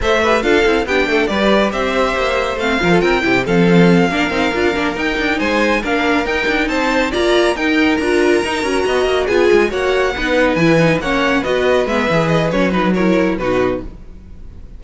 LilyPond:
<<
  \new Staff \with { instrumentName = "violin" } { \time 4/4 \tempo 4 = 139 e''4 f''4 g''4 d''4 | e''2 f''4 g''4 | f''2.~ f''8 g''8~ | g''8 gis''4 f''4 g''4 a''8~ |
a''8 ais''4 g''4 ais''4.~ | ais''4. gis''4 fis''4.~ | fis''8 gis''4 fis''4 dis''4 e''8~ | e''8 dis''8 cis''8 b'8 cis''4 b'4 | }
  \new Staff \with { instrumentName = "violin" } { \time 4/4 c''8 b'8 a'4 g'8 a'8 b'4 | c''2~ c''8 ais'16 a'16 ais'8 g'8 | a'4. ais'2~ ais'8~ | ais'8 c''4 ais'2 c''8~ |
c''8 d''4 ais'2~ ais'8~ | ais'8 dis''4 gis'4 cis''4 b'8~ | b'4. cis''4 b'4.~ | b'2 ais'4 fis'4 | }
  \new Staff \with { instrumentName = "viola" } { \time 4/4 a'8 g'8 f'8 e'8 d'4 g'4~ | g'2 c'8 f'4 e'8 | c'4. d'8 dis'8 f'8 d'8 dis'8~ | dis'4. d'4 dis'4.~ |
dis'8 f'4 dis'4 f'4 dis'8 | fis'4. f'4 fis'4 dis'8~ | dis'8 e'8 dis'8 cis'4 fis'4 b8 | gis'4 cis'8 dis'8 e'4 dis'4 | }
  \new Staff \with { instrumentName = "cello" } { \time 4/4 a4 d'8 c'8 b8 a8 g4 | c'4 ais4 a8 f8 c'8 c8 | f4. ais8 c'8 d'8 ais8 dis'8 | d'8 gis4 ais4 dis'8 d'8 c'8~ |
c'8 ais4 dis'4 d'4 dis'8 | cis'8 b8 ais8 b8 gis8 ais4 b8~ | b8 e4 ais4 b4 gis8 | e4 fis2 b,4 | }
>>